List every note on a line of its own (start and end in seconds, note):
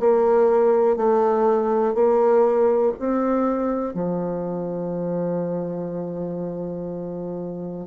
0.00 0.97 A#3
0.97 1.95 A3
1.95 2.93 A#3
3.00 3.94 C4
3.94 7.87 F3